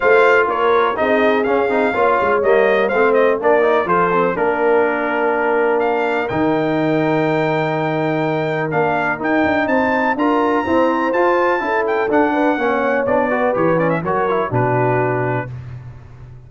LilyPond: <<
  \new Staff \with { instrumentName = "trumpet" } { \time 4/4 \tempo 4 = 124 f''4 cis''4 dis''4 f''4~ | f''4 dis''4 f''8 dis''8 d''4 | c''4 ais'2. | f''4 g''2.~ |
g''2 f''4 g''4 | a''4 ais''2 a''4~ | a''8 g''8 fis''2 d''4 | cis''8 d''16 e''16 cis''4 b'2 | }
  \new Staff \with { instrumentName = "horn" } { \time 4/4 c''4 ais'4 gis'2 | cis''2 c''4 ais'4 | a'4 ais'2.~ | ais'1~ |
ais'1 | c''4 ais'4 c''2 | a'4. b'8 cis''4. b'8~ | b'4 ais'4 fis'2 | }
  \new Staff \with { instrumentName = "trombone" } { \time 4/4 f'2 dis'4 cis'8 dis'8 | f'4 ais4 c'4 d'8 dis'8 | f'8 c'8 d'2.~ | d'4 dis'2.~ |
dis'2 d'4 dis'4~ | dis'4 f'4 c'4 f'4 | e'4 d'4 cis'4 d'8 fis'8 | g'8 cis'8 fis'8 e'8 d'2 | }
  \new Staff \with { instrumentName = "tuba" } { \time 4/4 a4 ais4 c'4 cis'8 c'8 | ais8 gis8 g4 a4 ais4 | f4 ais2.~ | ais4 dis2.~ |
dis2 ais4 dis'8 d'8 | c'4 d'4 e'4 f'4 | cis'4 d'4 ais4 b4 | e4 fis4 b,2 | }
>>